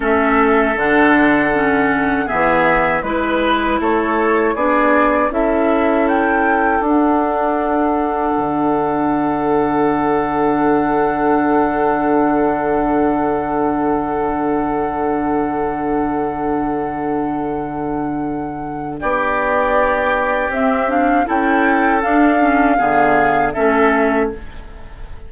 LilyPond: <<
  \new Staff \with { instrumentName = "flute" } { \time 4/4 \tempo 4 = 79 e''4 fis''2 e''4 | b'4 cis''4 d''4 e''4 | g''4 fis''2.~ | fis''1~ |
fis''1~ | fis''1~ | fis''4 d''2 e''8 f''8 | g''4 f''2 e''4 | }
  \new Staff \with { instrumentName = "oboe" } { \time 4/4 a'2. gis'4 | b'4 a'4 gis'4 a'4~ | a'1~ | a'1~ |
a'1~ | a'1~ | a'4 g'2. | a'2 gis'4 a'4 | }
  \new Staff \with { instrumentName = "clarinet" } { \time 4/4 cis'4 d'4 cis'4 b4 | e'2 d'4 e'4~ | e'4 d'2.~ | d'1~ |
d'1~ | d'1~ | d'2. c'8 d'8 | e'4 d'8 cis'8 b4 cis'4 | }
  \new Staff \with { instrumentName = "bassoon" } { \time 4/4 a4 d2 e4 | gis4 a4 b4 cis'4~ | cis'4 d'2 d4~ | d1~ |
d1~ | d1~ | d4 b2 c'4 | cis'4 d'4 d4 a4 | }
>>